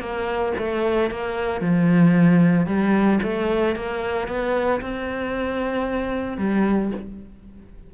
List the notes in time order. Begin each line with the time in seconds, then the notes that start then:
0.00 A#3
0.58 A3
1.11 A#3
1.61 F3
2.67 G3
3.23 A3
3.76 A#3
4.28 B3
4.81 C4
6.38 G3